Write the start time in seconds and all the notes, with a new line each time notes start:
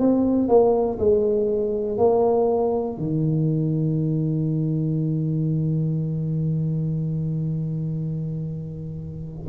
0.00 C4
0.49 A#3
0.99 G#3
1.98 A#3
2.98 D#3